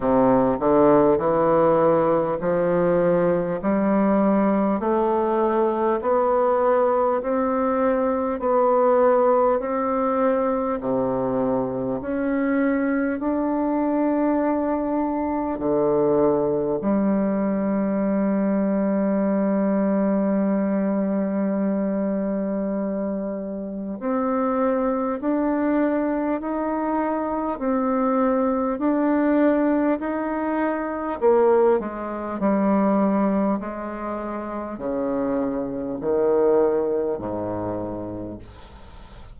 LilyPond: \new Staff \with { instrumentName = "bassoon" } { \time 4/4 \tempo 4 = 50 c8 d8 e4 f4 g4 | a4 b4 c'4 b4 | c'4 c4 cis'4 d'4~ | d'4 d4 g2~ |
g1 | c'4 d'4 dis'4 c'4 | d'4 dis'4 ais8 gis8 g4 | gis4 cis4 dis4 gis,4 | }